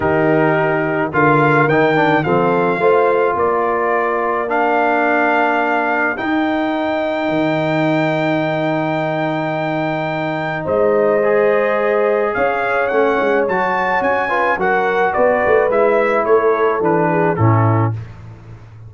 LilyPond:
<<
  \new Staff \with { instrumentName = "trumpet" } { \time 4/4 \tempo 4 = 107 ais'2 f''4 g''4 | f''2 d''2 | f''2. g''4~ | g''1~ |
g''2. dis''4~ | dis''2 f''4 fis''4 | a''4 gis''4 fis''4 d''4 | e''4 cis''4 b'4 a'4 | }
  \new Staff \with { instrumentName = "horn" } { \time 4/4 g'2 ais'2 | a'4 c''4 ais'2~ | ais'1~ | ais'1~ |
ais'2. c''4~ | c''2 cis''2~ | cis''4. b'8 ais'4 b'4~ | b'4 a'4. gis'8 e'4 | }
  \new Staff \with { instrumentName = "trombone" } { \time 4/4 dis'2 f'4 dis'8 d'8 | c'4 f'2. | d'2. dis'4~ | dis'1~ |
dis'1 | gis'2. cis'4 | fis'4. f'8 fis'2 | e'2 d'4 cis'4 | }
  \new Staff \with { instrumentName = "tuba" } { \time 4/4 dis2 d4 dis4 | f4 a4 ais2~ | ais2. dis'4~ | dis'4 dis2.~ |
dis2. gis4~ | gis2 cis'4 a8 gis8 | fis4 cis'4 fis4 b8 a8 | gis4 a4 e4 a,4 | }
>>